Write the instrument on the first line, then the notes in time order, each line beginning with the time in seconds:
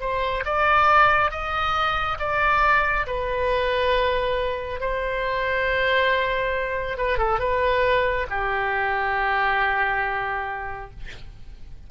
oboe
0.00 C5
0.45 D5
1.31 D#5
2.19 D5
3.06 B4
4.80 C5
6.97 B4
7.18 A4
7.39 B4
8.30 G4